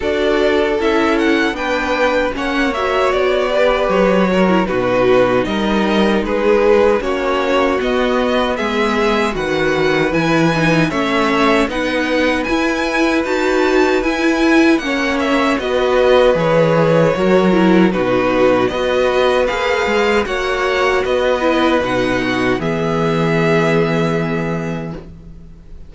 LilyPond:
<<
  \new Staff \with { instrumentName = "violin" } { \time 4/4 \tempo 4 = 77 d''4 e''8 fis''8 g''4 fis''8 e''8 | d''4 cis''4 b'4 dis''4 | b'4 cis''4 dis''4 e''4 | fis''4 gis''4 e''4 fis''4 |
gis''4 a''4 gis''4 fis''8 e''8 | dis''4 cis''2 b'4 | dis''4 f''4 fis''4 dis''4 | fis''4 e''2. | }
  \new Staff \with { instrumentName = "violin" } { \time 4/4 a'2 b'4 cis''4~ | cis''8 b'4 ais'8 fis'4 ais'4 | gis'4 fis'2 gis'4 | b'2 cis''4 b'4~ |
b'2. cis''4 | b'2 ais'4 fis'4 | b'2 cis''4 b'4~ | b'8 fis'8 gis'2. | }
  \new Staff \with { instrumentName = "viola" } { \time 4/4 fis'4 e'4 d'4 cis'8 fis'8~ | fis'8 g'4 fis'16 e'16 dis'2~ | dis'4 cis'4 b2 | fis'4 e'8 dis'8 cis'4 dis'4 |
e'4 fis'4 e'4 cis'4 | fis'4 gis'4 fis'8 e'8 dis'4 | fis'4 gis'4 fis'4. e'8 | dis'4 b2. | }
  \new Staff \with { instrumentName = "cello" } { \time 4/4 d'4 cis'4 b4 ais4 | b4 fis4 b,4 g4 | gis4 ais4 b4 gis4 | dis4 e4 a4 b4 |
e'4 dis'4 e'4 ais4 | b4 e4 fis4 b,4 | b4 ais8 gis8 ais4 b4 | b,4 e2. | }
>>